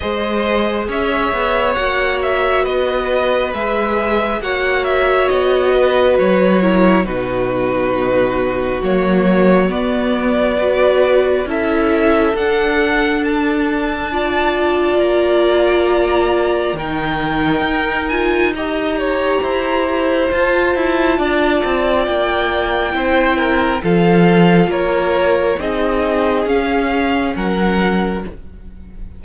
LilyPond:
<<
  \new Staff \with { instrumentName = "violin" } { \time 4/4 \tempo 4 = 68 dis''4 e''4 fis''8 e''8 dis''4 | e''4 fis''8 e''8 dis''4 cis''4 | b'2 cis''4 d''4~ | d''4 e''4 fis''4 a''4~ |
a''4 ais''2 g''4~ | g''8 gis''8 ais''2 a''4~ | a''4 g''2 f''4 | cis''4 dis''4 f''4 fis''4 | }
  \new Staff \with { instrumentName = "violin" } { \time 4/4 c''4 cis''2 b'4~ | b'4 cis''4. b'4 ais'8 | fis'1 | b'4 a'2. |
d''2. ais'4~ | ais'4 dis''8 cis''8 c''2 | d''2 c''8 ais'8 a'4 | ais'4 gis'2 ais'4 | }
  \new Staff \with { instrumentName = "viola" } { \time 4/4 gis'2 fis'2 | gis'4 fis'2~ fis'8 e'8 | dis'2 ais4 b4 | fis'4 e'4 d'2 |
f'2. dis'4~ | dis'8 f'8 g'2 f'4~ | f'2 e'4 f'4~ | f'4 dis'4 cis'2 | }
  \new Staff \with { instrumentName = "cello" } { \time 4/4 gis4 cis'8 b8 ais4 b4 | gis4 ais4 b4 fis4 | b,2 fis4 b4~ | b4 cis'4 d'2~ |
d'4 ais2 dis4 | dis'2 e'4 f'8 e'8 | d'8 c'8 ais4 c'4 f4 | ais4 c'4 cis'4 fis4 | }
>>